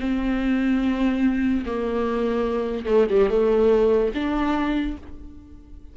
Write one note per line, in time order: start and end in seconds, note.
0.00 1.64 C4
1.66 2.86 A#3
2.86 3.07 A3
3.10 3.30 G3
3.30 4.12 A3
4.15 4.97 D4